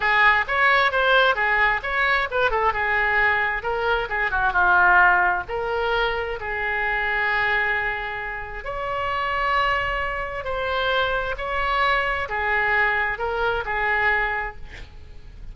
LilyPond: \new Staff \with { instrumentName = "oboe" } { \time 4/4 \tempo 4 = 132 gis'4 cis''4 c''4 gis'4 | cis''4 b'8 a'8 gis'2 | ais'4 gis'8 fis'8 f'2 | ais'2 gis'2~ |
gis'2. cis''4~ | cis''2. c''4~ | c''4 cis''2 gis'4~ | gis'4 ais'4 gis'2 | }